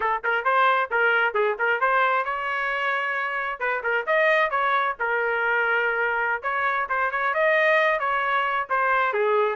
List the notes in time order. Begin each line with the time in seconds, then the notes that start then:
0.00 A4
0.24 A#4
0.44 C5
0.90 A#4
1.34 G#4
1.59 A#4
1.80 C5
2.24 C#5
3.59 B4
3.83 A#4
4.06 D#5
4.50 C#5
4.99 A#4
6.42 C#5
6.89 C5
7.11 C#5
7.34 D#5
7.99 C#5
8.69 C5
9.13 G#4